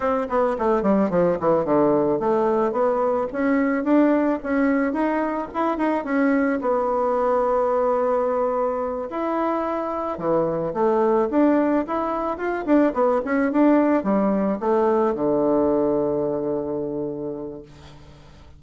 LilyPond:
\new Staff \with { instrumentName = "bassoon" } { \time 4/4 \tempo 4 = 109 c'8 b8 a8 g8 f8 e8 d4 | a4 b4 cis'4 d'4 | cis'4 dis'4 e'8 dis'8 cis'4 | b1~ |
b8 e'2 e4 a8~ | a8 d'4 e'4 f'8 d'8 b8 | cis'8 d'4 g4 a4 d8~ | d1 | }